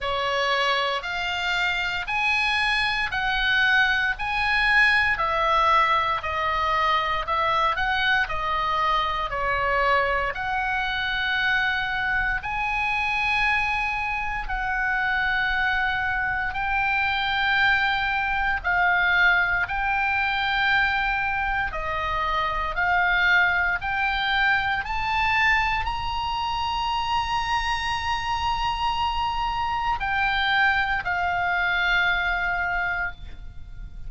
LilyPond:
\new Staff \with { instrumentName = "oboe" } { \time 4/4 \tempo 4 = 58 cis''4 f''4 gis''4 fis''4 | gis''4 e''4 dis''4 e''8 fis''8 | dis''4 cis''4 fis''2 | gis''2 fis''2 |
g''2 f''4 g''4~ | g''4 dis''4 f''4 g''4 | a''4 ais''2.~ | ais''4 g''4 f''2 | }